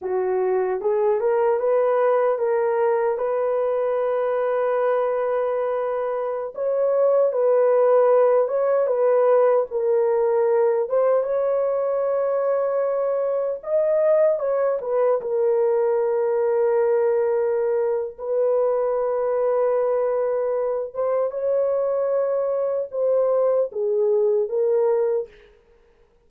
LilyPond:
\new Staff \with { instrumentName = "horn" } { \time 4/4 \tempo 4 = 76 fis'4 gis'8 ais'8 b'4 ais'4 | b'1~ | b'16 cis''4 b'4. cis''8 b'8.~ | b'16 ais'4. c''8 cis''4.~ cis''16~ |
cis''4~ cis''16 dis''4 cis''8 b'8 ais'8.~ | ais'2. b'4~ | b'2~ b'8 c''8 cis''4~ | cis''4 c''4 gis'4 ais'4 | }